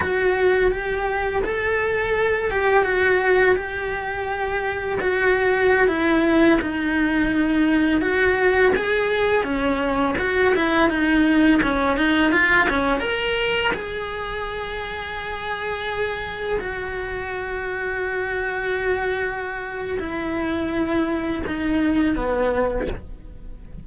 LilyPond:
\new Staff \with { instrumentName = "cello" } { \time 4/4 \tempo 4 = 84 fis'4 g'4 a'4. g'8 | fis'4 g'2 fis'4~ | fis'16 e'4 dis'2 fis'8.~ | fis'16 gis'4 cis'4 fis'8 e'8 dis'8.~ |
dis'16 cis'8 dis'8 f'8 cis'8 ais'4 gis'8.~ | gis'2.~ gis'16 fis'8.~ | fis'1 | e'2 dis'4 b4 | }